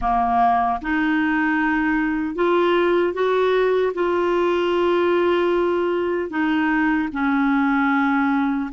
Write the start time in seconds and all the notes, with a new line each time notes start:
0.01 A#3
0.81 D#4
2.35 F4
3.13 F#4
3.94 F4
6.29 D#4
7.12 C#4